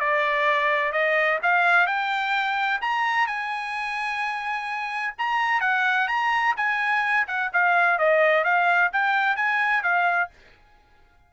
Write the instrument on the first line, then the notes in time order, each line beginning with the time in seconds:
trumpet
0.00 D5
0.92 D#5
1.43 F5
1.87 G5
2.82 A#5
3.27 G#5
5.18 A#5
5.61 F#5
6.08 A#5
6.57 G#5
7.28 F#5
7.53 F5
7.99 D#5
8.45 F5
8.93 G5
9.36 G#5
9.83 F5